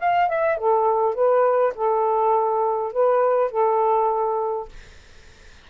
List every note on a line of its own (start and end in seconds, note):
0.00 0.29 F5
0.29 0.58 E5
0.58 1.15 A4
1.15 1.74 B4
1.75 2.93 A4
2.93 3.52 B4
3.52 4.69 A4